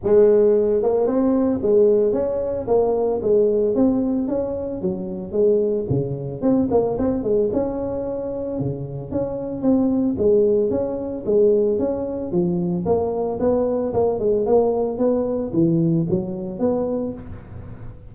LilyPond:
\new Staff \with { instrumentName = "tuba" } { \time 4/4 \tempo 4 = 112 gis4. ais8 c'4 gis4 | cis'4 ais4 gis4 c'4 | cis'4 fis4 gis4 cis4 | c'8 ais8 c'8 gis8 cis'2 |
cis4 cis'4 c'4 gis4 | cis'4 gis4 cis'4 f4 | ais4 b4 ais8 gis8 ais4 | b4 e4 fis4 b4 | }